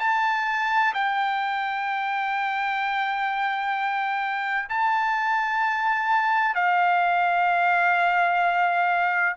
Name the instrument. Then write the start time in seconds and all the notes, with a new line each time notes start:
trumpet
0.00 A5
0.94 G5
4.69 A5
6.55 F5